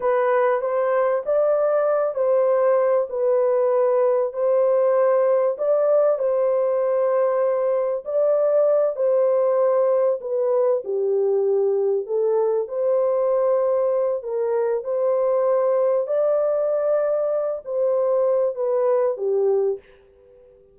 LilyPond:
\new Staff \with { instrumentName = "horn" } { \time 4/4 \tempo 4 = 97 b'4 c''4 d''4. c''8~ | c''4 b'2 c''4~ | c''4 d''4 c''2~ | c''4 d''4. c''4.~ |
c''8 b'4 g'2 a'8~ | a'8 c''2~ c''8 ais'4 | c''2 d''2~ | d''8 c''4. b'4 g'4 | }